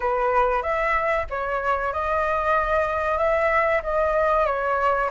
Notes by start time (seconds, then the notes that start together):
0.00 B4
0.62 E5
1.29 C#5
1.93 D#5
3.17 E5
3.83 D#5
4.46 C#5